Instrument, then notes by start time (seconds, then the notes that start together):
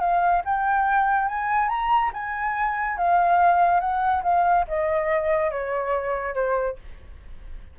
flute
0.00 F5
0.45 G5
1.28 G#5
1.69 A#5
2.14 G#5
2.98 F5
3.80 F#5
4.23 F5
4.68 D#5
5.51 C#5
6.34 C5